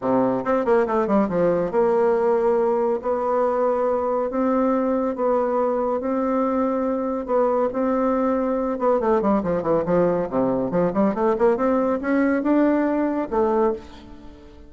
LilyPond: \new Staff \with { instrumentName = "bassoon" } { \time 4/4 \tempo 4 = 140 c4 c'8 ais8 a8 g8 f4 | ais2. b4~ | b2 c'2 | b2 c'2~ |
c'4 b4 c'2~ | c'8 b8 a8 g8 f8 e8 f4 | c4 f8 g8 a8 ais8 c'4 | cis'4 d'2 a4 | }